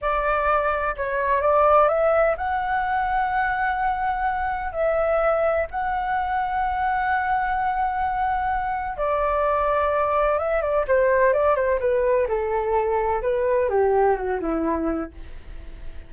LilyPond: \new Staff \with { instrumentName = "flute" } { \time 4/4 \tempo 4 = 127 d''2 cis''4 d''4 | e''4 fis''2.~ | fis''2 e''2 | fis''1~ |
fis''2. d''4~ | d''2 e''8 d''8 c''4 | d''8 c''8 b'4 a'2 | b'4 g'4 fis'8 e'4. | }